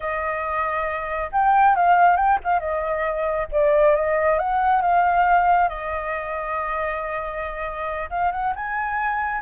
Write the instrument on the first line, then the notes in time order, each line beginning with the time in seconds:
flute
0.00 D#5
1.32 G5
1.75 F5
2.16 G5
2.44 F5
2.59 D#5
3.51 D5
3.95 D#5
4.38 F#5
4.81 F5
5.69 D#5
8.09 F5
8.31 F#5
8.55 G#5